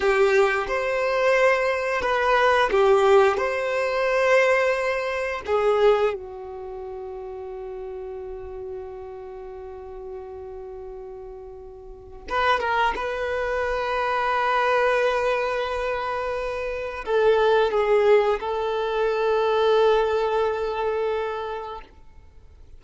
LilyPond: \new Staff \with { instrumentName = "violin" } { \time 4/4 \tempo 4 = 88 g'4 c''2 b'4 | g'4 c''2. | gis'4 fis'2.~ | fis'1~ |
fis'2 b'8 ais'8 b'4~ | b'1~ | b'4 a'4 gis'4 a'4~ | a'1 | }